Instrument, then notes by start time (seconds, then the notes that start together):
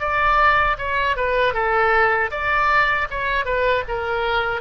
oboe
0.00 D5
0.79 C#5
1.17 B4
1.54 A4
2.31 D5
3.11 C#5
3.45 B4
3.88 A#4